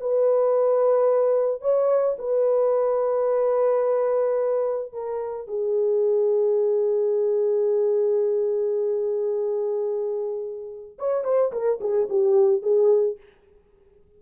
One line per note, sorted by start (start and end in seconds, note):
0.00 1.61 B4
1.61 2.16 C#5
2.18 4.93 B4
4.93 5.47 A#4
5.47 10.98 G#4
10.98 11.24 C#5
11.24 11.52 C5
11.52 11.79 A#4
11.81 12.08 G#4
12.09 12.62 G4
12.62 13.17 G#4